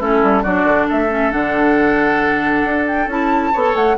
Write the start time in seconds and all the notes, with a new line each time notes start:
0.00 A3 C#4 E4 A4
0.23 G3
0.43 F#3 D4 F#4 D5
0.64 D3
0.89 A3 A4 E5
1.10 C#4
1.31 D3 D4 F#5
2.65 D4
2.88 G5
3.07 C#4 E4 A5
3.53 B3 A4 C#5
3.75 A3 F#5